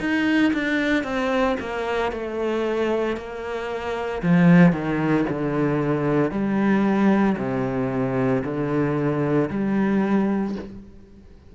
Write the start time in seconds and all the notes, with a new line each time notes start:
0.00 D#4
0.53 D4
1.03 C4
1.60 A#3
2.12 A3
3.17 A#3
4.22 F3
4.72 D#3
5.29 D3
6.31 G3
7.37 C3
8.44 D3
9.50 G3